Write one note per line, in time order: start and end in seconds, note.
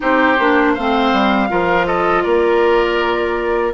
0.00 0.38 C4
0.00 0.35 D#4
0.00 0.73 G4
0.00 0.74 C5
0.38 0.76 A#3
0.38 0.77 D4
0.73 1.12 A3
0.73 1.48 C4
0.73 1.48 C5
0.73 1.87 F5
1.12 1.50 G3
1.48 2.25 F3
1.48 3.73 F4
1.48 1.86 A#4
1.86 2.23 A4
1.86 2.22 D#5
2.22 3.73 A#3
2.22 3.73 A#4
2.22 3.72 D5